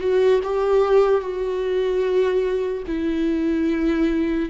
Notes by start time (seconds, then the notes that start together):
0.00 F#4
0.43 G4
1.21 F#4
2.87 E4